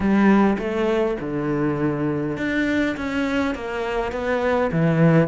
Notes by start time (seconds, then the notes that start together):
0.00 G3
0.58 A3
1.20 D3
2.37 D4
2.96 C#4
3.55 A#3
4.11 B3
4.72 E3